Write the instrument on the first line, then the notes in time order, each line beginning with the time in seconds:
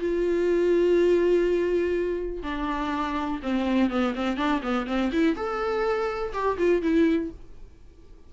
viola
0.00 F4
2.43 D4
3.43 C4
3.90 B3
4.15 C4
4.37 D4
4.63 B3
4.87 C4
5.12 E4
5.36 A4
6.34 G4
6.59 F4
6.82 E4